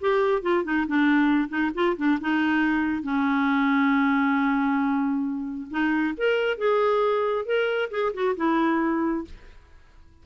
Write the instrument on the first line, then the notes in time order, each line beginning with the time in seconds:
clarinet
0.00 G4
0.42 F4
0.64 D#4
0.87 D4
1.49 D#4
1.74 F4
1.96 D4
2.21 D#4
3.03 C#4
5.70 D#4
6.17 A#4
6.57 G#4
7.45 A#4
7.90 G#4
8.13 F#4
8.36 E4